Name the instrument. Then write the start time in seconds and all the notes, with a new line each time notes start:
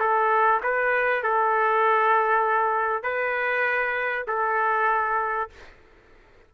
trumpet
0.00 A4
0.63 B4
1.24 A4
3.03 B4
4.28 A4